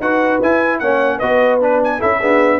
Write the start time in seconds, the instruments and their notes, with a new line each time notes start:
0.00 tuba D#4, trombone F#4, horn B4, trumpet F#5
0.41 tuba E4, trombone E4, trumpet G#5
0.79 tuba A#3, trombone C#4, horn C#5, trumpet F#5
1.18 tuba B3, trombone F#4, horn B4, trumpet D#5
1.61 trombone D4, trumpet B4
1.84 trumpet G#5
1.98 tuba C#4, trombone E4, horn A4, trumpet E5
2.20 trombone B3, tuba D4, horn G#4